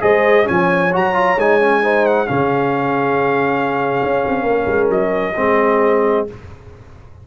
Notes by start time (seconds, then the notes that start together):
0.00 G#3 G#4 C5 D#5
0.44 F3 C#4 C#5 G#5
0.92 F#3 F#4 A#5
1.14 F4
1.37 G#3 D#4 G#5
1.61 C#4
1.82 D#4 C5
2.06 F#5
2.26 C#3 C#4 G#4 F5
4.03 C#4
4.26 C4
4.43 A#3 A#4
4.66 G#3
4.89 F#3 D#5
5.35 G#3 C4 G#4